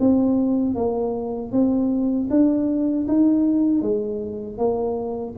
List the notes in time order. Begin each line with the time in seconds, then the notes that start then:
0.00 C4
0.75 A#3
1.52 C4
2.30 D4
3.08 D#4
3.82 G#3
4.58 A#3